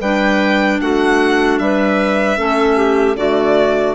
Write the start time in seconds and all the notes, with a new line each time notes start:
0.00 G3 D4 B4 G5
0.81 A3 F#4 F#5
1.58 G3 B4 E5
2.37 A3 C#4 A4
2.76 G4
3.16 D3 A3 F#4 D5